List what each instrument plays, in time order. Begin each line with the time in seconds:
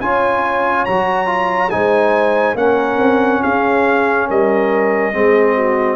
0.00 tuba C#4, trombone F4, horn C#5, trumpet G#5
0.85 tuba F#3, trombone F#4, trumpet A#5
1.26 trombone F4
1.70 tuba G#3, trombone D#4, horn C5, trumpet G#5
2.54 tuba A#3, trombone C#4, horn A#4, trumpet F#5
2.98 tuba C4
3.42 tuba C#4, horn G#4, trumpet F5
4.27 tuba G3, horn A#4, trumpet D#5
5.13 tuba G#3, trombone C4, horn G#4
5.54 horn F#4